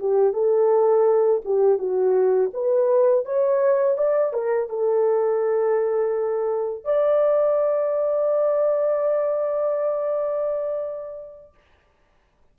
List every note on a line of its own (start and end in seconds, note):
0.00 0.34 G4
0.34 1.42 A4
1.45 1.78 G4
1.78 2.51 F#4
2.54 3.26 B4
3.26 3.98 C#5
3.98 4.33 D5
4.33 4.69 A#4
4.69 6.84 A4
6.84 11.54 D5